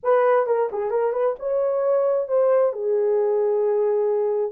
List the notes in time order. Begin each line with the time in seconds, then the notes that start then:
0.03 B4
0.46 A#4
0.71 G#4
0.90 A#4
1.12 B4
1.39 C#5
2.28 C5
2.72 G#4